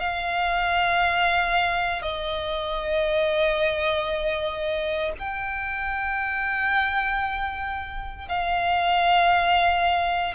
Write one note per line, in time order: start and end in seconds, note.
0.00 2.02 F5
2.02 5.13 D#5
5.19 8.29 G5
8.29 10.35 F5